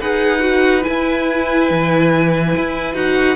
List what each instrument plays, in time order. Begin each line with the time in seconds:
0.00 cello D#4, viola G#4, violin B4 F#5
0.40 viola F#4
0.82 viola E4, violin G#5
0.89 cello E4
1.71 cello E3
2.57 cello E4
2.94 cello D#4, viola F#4, violin F#5